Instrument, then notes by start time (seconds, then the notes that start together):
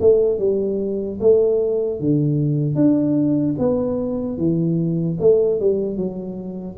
tuba
0.00 A3
0.39 G3
1.20 A3
2.00 D3
2.75 D4
3.58 B3
4.37 E3
5.20 A3
5.60 G3
5.96 F#3